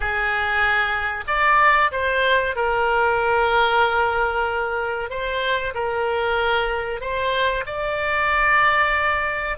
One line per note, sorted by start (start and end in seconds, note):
0.00 1.24 G#4
1.27 1.91 D5
1.91 2.55 C5
2.55 5.09 A#4
5.09 5.73 C5
5.74 7.00 A#4
7.00 7.64 C5
7.66 9.57 D5